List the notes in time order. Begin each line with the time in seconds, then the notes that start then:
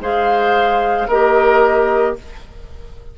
0.00 G#3 G#4 C5 F5
1.08 A#3 G4 A#4 D#5